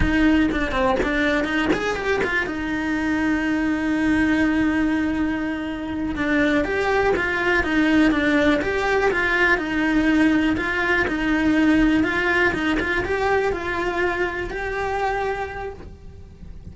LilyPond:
\new Staff \with { instrumentName = "cello" } { \time 4/4 \tempo 4 = 122 dis'4 d'8 c'8 d'4 dis'8 gis'8 | g'8 f'8 dis'2.~ | dis'1~ | dis'8 d'4 g'4 f'4 dis'8~ |
dis'8 d'4 g'4 f'4 dis'8~ | dis'4. f'4 dis'4.~ | dis'8 f'4 dis'8 f'8 g'4 f'8~ | f'4. g'2~ g'8 | }